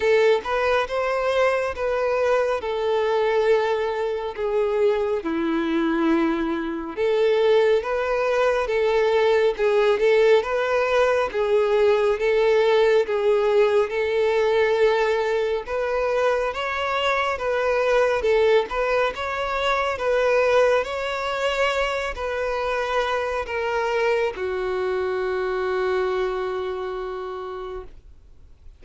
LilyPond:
\new Staff \with { instrumentName = "violin" } { \time 4/4 \tempo 4 = 69 a'8 b'8 c''4 b'4 a'4~ | a'4 gis'4 e'2 | a'4 b'4 a'4 gis'8 a'8 | b'4 gis'4 a'4 gis'4 |
a'2 b'4 cis''4 | b'4 a'8 b'8 cis''4 b'4 | cis''4. b'4. ais'4 | fis'1 | }